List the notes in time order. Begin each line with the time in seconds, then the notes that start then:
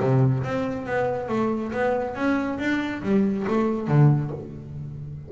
0.00 C3
0.44 C4
0.86 B3
1.29 A3
1.72 B3
2.15 C#4
2.59 D4
3.03 G3
3.48 A3
3.88 D3